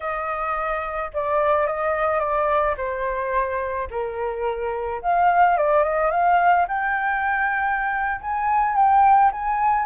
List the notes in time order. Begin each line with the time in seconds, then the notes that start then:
0.00 D#5
1.13 D5
1.66 D#5
2.19 D5
2.77 C5
3.90 A#4
5.02 F5
5.57 D5
5.83 D#5
6.10 F5
6.67 G5
8.21 G#5
8.75 G5
9.32 G#5